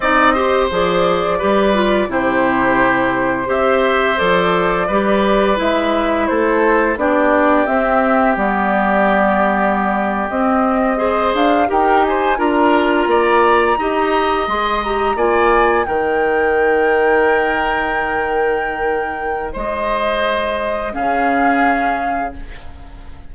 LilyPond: <<
  \new Staff \with { instrumentName = "flute" } { \time 4/4 \tempo 4 = 86 dis''4 d''2 c''4~ | c''4 e''4 d''2 | e''4 c''4 d''4 e''4 | d''2~ d''8. dis''4~ dis''16~ |
dis''16 f''8 g''8 gis''8 ais''2~ ais''16~ | ais''8. c'''8 ais''8 gis''4 g''4~ g''16~ | g''1 | dis''2 f''2 | }
  \new Staff \with { instrumentName = "oboe" } { \time 4/4 d''8 c''4. b'4 g'4~ | g'4 c''2 b'4~ | b'4 a'4 g'2~ | g'2.~ g'8. c''16~ |
c''8. ais'8 c''8 ais'4 d''4 dis''16~ | dis''4.~ dis''16 d''4 ais'4~ ais'16~ | ais'1 | c''2 gis'2 | }
  \new Staff \with { instrumentName = "clarinet" } { \time 4/4 dis'8 g'8 gis'4 g'8 f'8 e'4~ | e'4 g'4 a'4 g'4 | e'2 d'4 c'4 | b2~ b8. c'4 gis'16~ |
gis'8. g'4 f'2 g'16~ | g'8. gis'8 g'8 f'4 dis'4~ dis'16~ | dis'1~ | dis'2 cis'2 | }
  \new Staff \with { instrumentName = "bassoon" } { \time 4/4 c'4 f4 g4 c4~ | c4 c'4 f4 g4 | gis4 a4 b4 c'4 | g2~ g8. c'4~ c'16~ |
c'16 d'8 dis'4 d'4 ais4 dis'16~ | dis'8. gis4 ais4 dis4~ dis16~ | dis1 | gis2 cis2 | }
>>